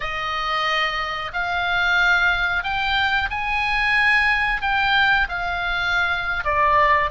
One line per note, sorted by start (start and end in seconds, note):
0.00 1.31 D#5
1.33 2.63 F5
2.63 3.29 G5
3.30 4.61 G#5
4.61 5.27 G5
5.28 6.44 F5
6.44 7.10 D5